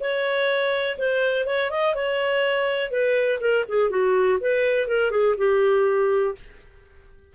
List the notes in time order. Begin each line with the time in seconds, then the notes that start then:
0.00 C#5
0.98 C5
1.46 C#5
1.70 D#5
1.95 C#5
2.91 B4
3.40 A#4
3.69 G#4
3.90 F#4
4.41 B4
4.88 A#4
5.11 G#4
5.38 G4